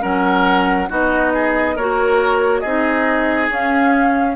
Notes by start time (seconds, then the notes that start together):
0.00 F#3 C#4 A#4 F#5
0.89 B3 D#4 F#4 D#5
1.34 G#4
1.75 A#3 F#4 A#4 C#5
2.60 C4 D#4 G#4 D#5
3.49 C#4 F5